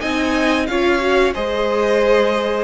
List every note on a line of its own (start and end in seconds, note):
0.00 0.68 C4
0.00 0.67 D#4
0.00 0.67 D#5
0.00 0.67 G#5
0.67 1.35 C#4
0.67 1.00 F4
0.67 1.34 C#5
0.67 1.34 F5
1.00 1.33 F#4
1.34 2.64 G#3
1.34 2.64 G#4
1.34 2.64 C5
1.34 2.64 D#5